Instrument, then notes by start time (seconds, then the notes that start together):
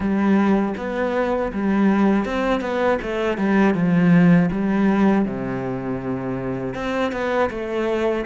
cello
0.00 G3
0.77 B3
1.52 G3
2.25 C4
2.60 B3
3.02 A3
3.37 G3
3.74 F3
4.51 G3
5.25 C3
6.74 C4
7.11 B3
7.50 A3